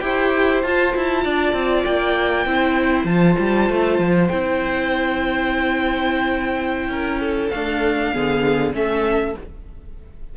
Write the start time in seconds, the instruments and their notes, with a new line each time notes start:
0.00 cello E4, viola G4, violin C5 G5
0.62 cello F4, viola F4, violin A5
0.96 cello E4
1.24 cello D4, violin D5
1.53 cello C4
1.84 cello A#3, violin G5
2.45 cello C4, viola E4, violin C5
3.04 cello F3, viola F4, violin A5
3.39 cello G3
3.69 cello A3
3.99 cello F3
4.28 cello C4, viola E4, violin G5
6.88 cello C#4, violin A#4
7.20 violin A4
7.50 viola A3, cello D4, violin F5
8.13 cello D3, viola B3, violin G#4
8.73 cello A3, viola C#4, violin A4 E5